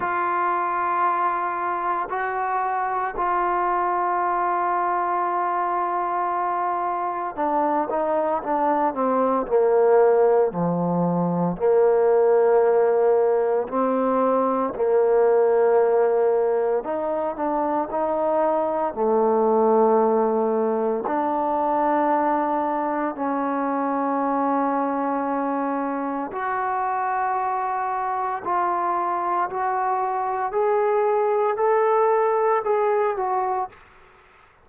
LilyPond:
\new Staff \with { instrumentName = "trombone" } { \time 4/4 \tempo 4 = 57 f'2 fis'4 f'4~ | f'2. d'8 dis'8 | d'8 c'8 ais4 f4 ais4~ | ais4 c'4 ais2 |
dis'8 d'8 dis'4 a2 | d'2 cis'2~ | cis'4 fis'2 f'4 | fis'4 gis'4 a'4 gis'8 fis'8 | }